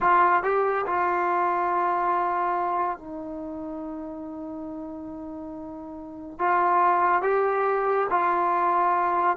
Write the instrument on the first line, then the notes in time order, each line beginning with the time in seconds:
trombone
0.01 F4
0.43 G4
0.86 F4
2.98 D#4
6.38 F4
7.22 G4
8.10 F4